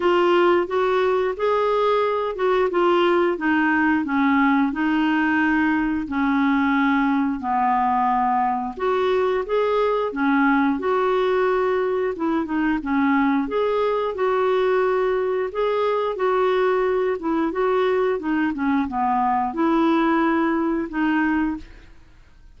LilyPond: \new Staff \with { instrumentName = "clarinet" } { \time 4/4 \tempo 4 = 89 f'4 fis'4 gis'4. fis'8 | f'4 dis'4 cis'4 dis'4~ | dis'4 cis'2 b4~ | b4 fis'4 gis'4 cis'4 |
fis'2 e'8 dis'8 cis'4 | gis'4 fis'2 gis'4 | fis'4. e'8 fis'4 dis'8 cis'8 | b4 e'2 dis'4 | }